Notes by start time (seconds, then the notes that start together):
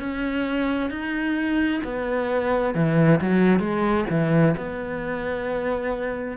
0.00 C#4
0.90 D#4
1.84 B3
2.75 E3
3.21 F#3
3.60 G#3
4.10 E3
4.57 B3